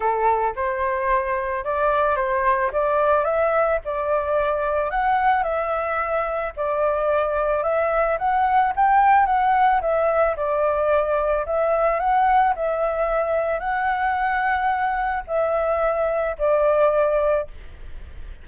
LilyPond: \new Staff \with { instrumentName = "flute" } { \time 4/4 \tempo 4 = 110 a'4 c''2 d''4 | c''4 d''4 e''4 d''4~ | d''4 fis''4 e''2 | d''2 e''4 fis''4 |
g''4 fis''4 e''4 d''4~ | d''4 e''4 fis''4 e''4~ | e''4 fis''2. | e''2 d''2 | }